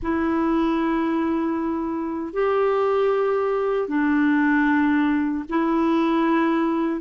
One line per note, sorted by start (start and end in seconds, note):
0.02 2.33 E4
2.33 3.88 G4
3.88 5.44 D4
5.49 7.00 E4